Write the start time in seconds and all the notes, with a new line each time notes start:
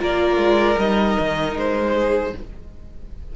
0.00 A#3 F4 A#4 D5
0.37 G#3
0.78 G3 D#4 D#5
1.19 D#3
1.56 G#3 C5
1.93 G#4